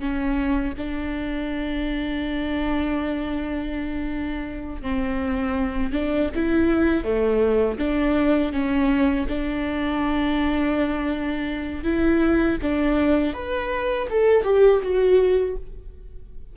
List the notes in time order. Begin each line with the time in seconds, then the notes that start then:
0.00 C#4
0.78 D4
4.82 C4
5.93 D4
6.35 E4
7.04 A3
7.79 D4
8.53 C#4
9.29 D4
11.84 E4
12.63 D4
13.34 B4
14.10 A4
14.44 G4
14.83 F#4